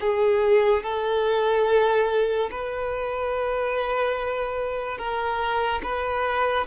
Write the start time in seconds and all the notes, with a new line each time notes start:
0.00 G#4
0.83 A4
2.50 B4
4.98 A#4
5.83 B4